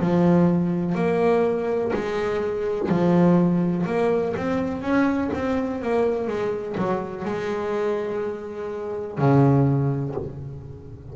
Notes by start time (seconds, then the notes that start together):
0.00 F3
0.95 A#3
1.94 G#3
2.89 F3
3.87 A#3
4.37 C4
4.82 C#4
5.34 C4
5.82 A#3
6.28 G#3
6.78 F#3
7.25 G#3
9.18 C#3